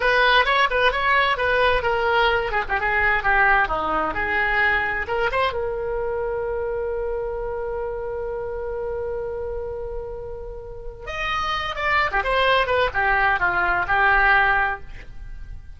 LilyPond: \new Staff \with { instrumentName = "oboe" } { \time 4/4 \tempo 4 = 130 b'4 cis''8 b'8 cis''4 b'4 | ais'4. gis'16 g'16 gis'4 g'4 | dis'4 gis'2 ais'8 c''8 | ais'1~ |
ais'1~ | ais'1 | dis''4. d''8. g'16 c''4 b'8 | g'4 f'4 g'2 | }